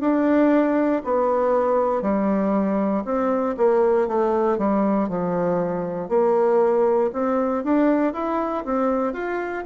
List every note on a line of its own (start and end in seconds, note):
0.00 1.02 D4
1.04 2.02 B3
2.02 3.04 G3
3.05 3.55 C4
3.57 4.07 A#3
4.07 4.58 A3
4.58 5.08 G3
5.08 6.09 F3
6.09 7.10 A#3
7.13 7.64 C4
7.64 8.13 D4
8.13 8.64 E4
8.64 9.13 C4
9.13 9.64 F4